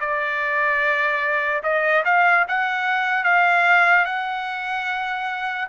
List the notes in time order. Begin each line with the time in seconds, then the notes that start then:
0.00 D5
1.63 D#5
2.05 F5
2.48 F#5
3.24 F5
4.05 F#5